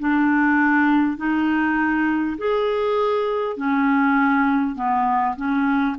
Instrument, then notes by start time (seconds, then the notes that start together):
clarinet
0.00 D4
1.17 D#4
2.38 G#4
3.57 C#4
4.76 B3
5.37 C#4